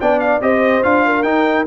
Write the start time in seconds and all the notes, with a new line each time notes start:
0.00 B3 D4 D5 G5
0.19 F5
0.40 C4 G4 C5 D#5
0.82 D4 F4 F5
1.05 A#4
1.22 D#4 G5